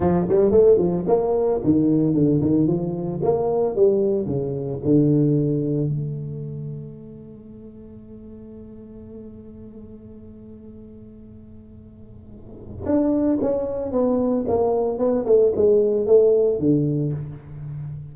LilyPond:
\new Staff \with { instrumentName = "tuba" } { \time 4/4 \tempo 4 = 112 f8 g8 a8 f8 ais4 dis4 | d8 dis8 f4 ais4 g4 | cis4 d2 a4~ | a1~ |
a1~ | a1 | d'4 cis'4 b4 ais4 | b8 a8 gis4 a4 d4 | }